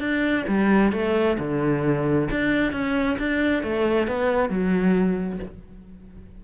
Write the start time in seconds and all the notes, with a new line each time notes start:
0.00 D4
0.48 G3
0.92 A3
1.39 D3
2.31 D4
2.73 C#4
3.19 D4
3.63 A3
4.08 B3
4.49 F#3